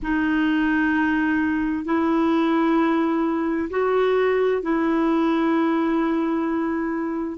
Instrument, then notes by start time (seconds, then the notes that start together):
clarinet
0.02 D#4
1.84 E4
3.70 F#4
4.62 E4